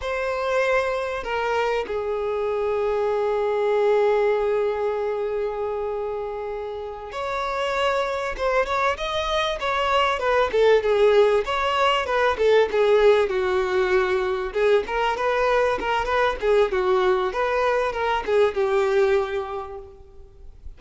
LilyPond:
\new Staff \with { instrumentName = "violin" } { \time 4/4 \tempo 4 = 97 c''2 ais'4 gis'4~ | gis'1~ | gis'2.~ gis'8 cis''8~ | cis''4. c''8 cis''8 dis''4 cis''8~ |
cis''8 b'8 a'8 gis'4 cis''4 b'8 | a'8 gis'4 fis'2 gis'8 | ais'8 b'4 ais'8 b'8 gis'8 fis'4 | b'4 ais'8 gis'8 g'2 | }